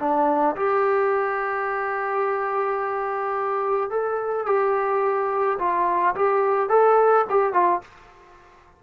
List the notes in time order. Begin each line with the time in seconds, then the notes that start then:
0.00 D4
0.57 G4
3.90 A4
4.47 G4
5.59 F4
6.16 G4
6.70 A4
7.30 G4
7.54 F4